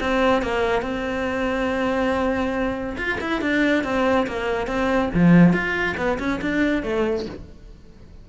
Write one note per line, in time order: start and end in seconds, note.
0.00 0.42 C4
0.42 0.82 A#3
0.82 2.96 C4
2.97 3.19 F4
3.20 3.41 E4
3.41 3.84 D4
3.84 4.26 C4
4.27 4.67 A#3
4.67 5.10 C4
5.14 5.53 F3
5.53 5.96 F4
5.97 6.18 B3
6.19 6.40 C#4
6.41 6.83 D4
6.83 7.26 A3